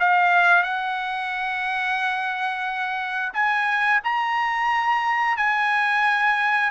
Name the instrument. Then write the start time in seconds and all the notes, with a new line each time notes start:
trumpet
0.00 F5
0.63 F#5
3.34 G#5
4.04 A#5
5.37 G#5